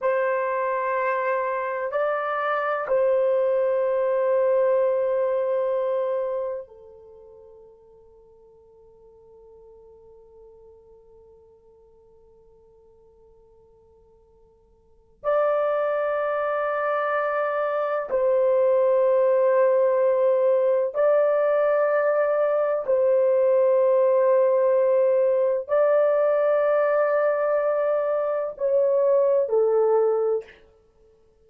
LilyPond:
\new Staff \with { instrumentName = "horn" } { \time 4/4 \tempo 4 = 63 c''2 d''4 c''4~ | c''2. a'4~ | a'1~ | a'1 |
d''2. c''4~ | c''2 d''2 | c''2. d''4~ | d''2 cis''4 a'4 | }